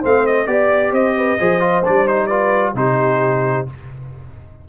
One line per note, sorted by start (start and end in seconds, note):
0.00 0.47 A3
0.00 0.47 C4
0.00 0.45 C5
0.00 0.26 F5
0.26 0.47 D#5
0.47 0.92 B3
0.47 1.38 G4
0.47 0.93 D5
0.47 0.91 D5
0.91 1.37 C4
0.91 1.14 C5
0.91 1.85 D#5
1.17 1.39 B4
1.39 1.86 F3
1.39 1.60 G#4
1.39 2.28 C5
1.60 1.82 F4
1.84 2.74 G3
1.84 2.07 D4
1.84 2.07 D5
2.07 2.30 D#4
2.07 2.27 C5
2.27 2.75 F4
2.27 2.73 B4
2.27 2.72 D5
2.74 3.65 C3
2.74 3.66 D#4
2.74 3.68 G4
2.74 3.67 C5